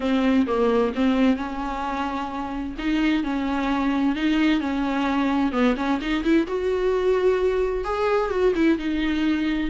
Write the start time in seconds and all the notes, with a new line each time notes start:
0.00 C4
0.46 A#3
0.95 C4
1.36 C#4
2.78 D#4
3.23 C#4
4.15 D#4
4.60 C#4
5.52 B3
5.77 C#4
6.01 D#4
6.23 E4
6.47 F#4
7.84 G#4
8.30 F#4
8.55 E4
8.78 D#4